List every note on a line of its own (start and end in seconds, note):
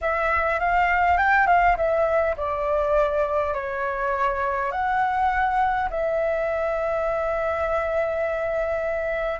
0.01 0.59 E5
0.59 1.17 F5
1.17 1.47 G5
1.47 1.76 F5
1.76 2.35 E5
2.36 3.53 D5
3.53 4.71 C#5
4.71 5.89 F#5
5.90 9.40 E5